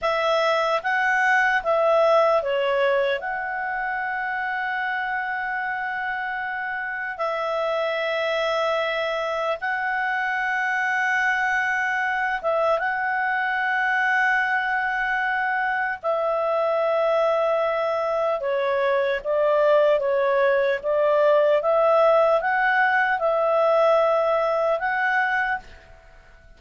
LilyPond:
\new Staff \with { instrumentName = "clarinet" } { \time 4/4 \tempo 4 = 75 e''4 fis''4 e''4 cis''4 | fis''1~ | fis''4 e''2. | fis''2.~ fis''8 e''8 |
fis''1 | e''2. cis''4 | d''4 cis''4 d''4 e''4 | fis''4 e''2 fis''4 | }